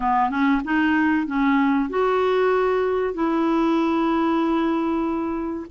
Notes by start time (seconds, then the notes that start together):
0.00 B3
0.30 C#4
0.64 D#4
1.27 C#4
1.89 F#4
3.13 E4